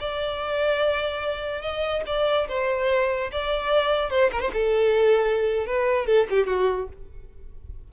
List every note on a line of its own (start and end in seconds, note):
0.00 1.62 D5
1.62 2.03 D#5
2.06 2.48 D5
2.48 3.31 C5
3.32 4.10 D5
4.10 4.31 C5
4.32 4.41 A#4
4.41 4.51 C5
4.53 5.66 A4
5.66 6.06 B4
6.06 6.27 A4
6.30 6.47 G4
6.47 6.88 F#4